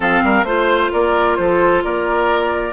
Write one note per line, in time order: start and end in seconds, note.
0.00 0.22 F3
0.00 0.45 C4
0.00 0.22 A4
0.00 0.44 F5
0.23 0.43 G3
0.23 0.46 A#4
0.43 0.89 A3
0.43 2.72 F4
0.43 0.90 C5
0.43 0.91 C5
0.92 1.38 A#3
0.92 1.37 A#4
0.92 1.35 D5
1.35 1.84 F3
1.35 1.84 A4
1.35 1.81 C5
1.84 2.72 A#3
1.84 2.72 A#4
1.84 2.72 D5